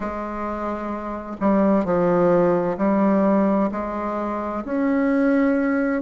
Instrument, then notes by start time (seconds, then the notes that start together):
bassoon
0.00 G#3
1.40 G3
1.85 F3
2.77 G3
3.71 G#3
4.64 C#4